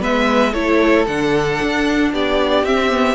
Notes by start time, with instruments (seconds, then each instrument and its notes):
0.00 cello G#3, viola B3, violin B4 E5
0.52 cello A3, viola E4, violin A4 C#5
1.07 cello D3, viola D4, violin F#5
1.62 cello D4
2.12 cello B3, violin G4 D5
2.64 cello C4, viola C4, violin E5
2.91 viola B3